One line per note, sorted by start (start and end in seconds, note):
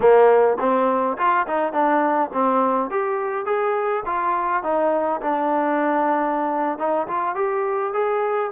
0.00 0.57 A#3
0.59 1.17 C4
1.17 1.46 F4
1.47 1.72 D#4
1.72 2.30 D4
2.33 2.90 C4
2.90 3.45 G4
3.45 4.03 G#4
4.05 4.63 F4
4.63 5.21 D#4
5.21 6.78 D4
6.78 7.07 D#4
7.07 7.35 F4
7.35 7.93 G4
7.93 8.50 G#4